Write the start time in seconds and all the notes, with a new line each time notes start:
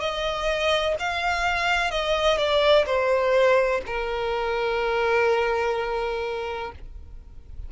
0.00 D#5
0.99 F5
1.91 D#5
2.37 D5
2.86 C5
3.86 A#4